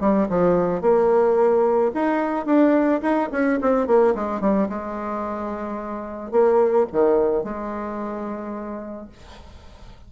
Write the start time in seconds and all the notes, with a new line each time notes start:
0.00 G3
0.29 F3
0.81 A#3
1.94 D#4
2.46 D4
3.02 D#4
3.32 C#4
3.61 C4
3.87 A#3
4.15 G#3
4.41 G3
4.69 G#3
6.31 A#3
6.92 D#3
7.44 G#3